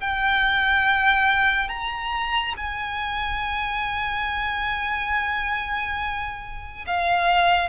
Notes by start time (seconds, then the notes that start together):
0.00 G5
1.69 A#5
2.56 G#5
6.86 F5